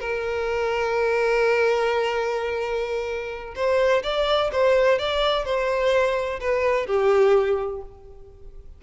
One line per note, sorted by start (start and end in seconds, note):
0.00 3.54 A#4
3.55 4.02 C5
4.03 4.50 D5
4.52 4.98 C5
4.98 5.45 D5
5.45 6.39 C5
6.40 6.86 B4
6.86 7.81 G4